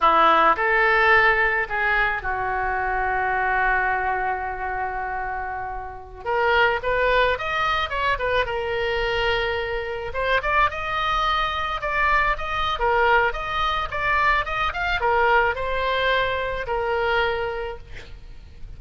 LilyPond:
\new Staff \with { instrumentName = "oboe" } { \time 4/4 \tempo 4 = 108 e'4 a'2 gis'4 | fis'1~ | fis'2.~ fis'16 ais'8.~ | ais'16 b'4 dis''4 cis''8 b'8 ais'8.~ |
ais'2~ ais'16 c''8 d''8 dis''8.~ | dis''4~ dis''16 d''4 dis''8. ais'4 | dis''4 d''4 dis''8 f''8 ais'4 | c''2 ais'2 | }